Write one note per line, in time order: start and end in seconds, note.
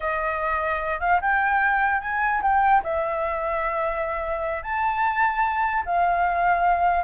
0.00 1.00 D#5
1.00 1.20 F5
1.21 2.01 G5
2.01 2.41 G#5
2.42 2.82 G5
2.83 4.62 E5
4.62 5.83 A5
5.85 7.03 F5